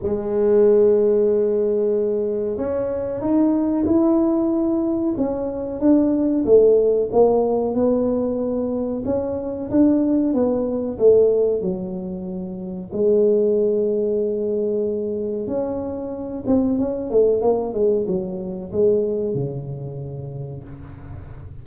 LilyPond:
\new Staff \with { instrumentName = "tuba" } { \time 4/4 \tempo 4 = 93 gis1 | cis'4 dis'4 e'2 | cis'4 d'4 a4 ais4 | b2 cis'4 d'4 |
b4 a4 fis2 | gis1 | cis'4. c'8 cis'8 a8 ais8 gis8 | fis4 gis4 cis2 | }